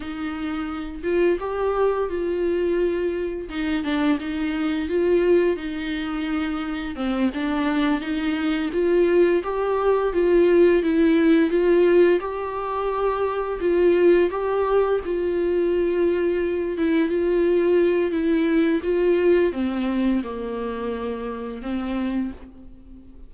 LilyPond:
\new Staff \with { instrumentName = "viola" } { \time 4/4 \tempo 4 = 86 dis'4. f'8 g'4 f'4~ | f'4 dis'8 d'8 dis'4 f'4 | dis'2 c'8 d'4 dis'8~ | dis'8 f'4 g'4 f'4 e'8~ |
e'8 f'4 g'2 f'8~ | f'8 g'4 f'2~ f'8 | e'8 f'4. e'4 f'4 | c'4 ais2 c'4 | }